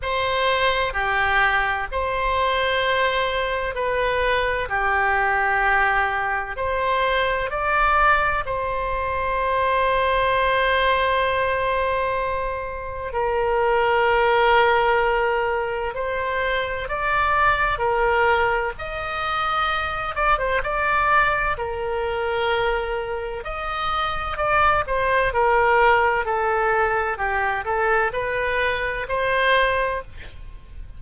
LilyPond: \new Staff \with { instrumentName = "oboe" } { \time 4/4 \tempo 4 = 64 c''4 g'4 c''2 | b'4 g'2 c''4 | d''4 c''2.~ | c''2 ais'2~ |
ais'4 c''4 d''4 ais'4 | dis''4. d''16 c''16 d''4 ais'4~ | ais'4 dis''4 d''8 c''8 ais'4 | a'4 g'8 a'8 b'4 c''4 | }